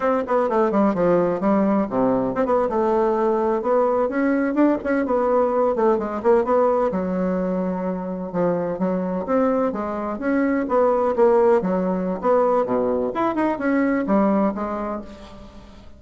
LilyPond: \new Staff \with { instrumentName = "bassoon" } { \time 4/4 \tempo 4 = 128 c'8 b8 a8 g8 f4 g4 | c4 c'16 b8 a2 b16~ | b8. cis'4 d'8 cis'8 b4~ b16~ | b16 a8 gis8 ais8 b4 fis4~ fis16~ |
fis4.~ fis16 f4 fis4 c'16~ | c'8. gis4 cis'4 b4 ais16~ | ais8. fis4~ fis16 b4 b,4 | e'8 dis'8 cis'4 g4 gis4 | }